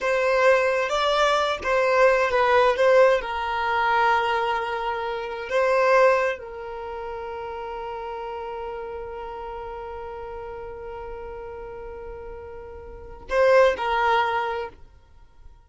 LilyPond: \new Staff \with { instrumentName = "violin" } { \time 4/4 \tempo 4 = 131 c''2 d''4. c''8~ | c''4 b'4 c''4 ais'4~ | ais'1 | c''2 ais'2~ |
ais'1~ | ais'1~ | ais'1~ | ais'4 c''4 ais'2 | }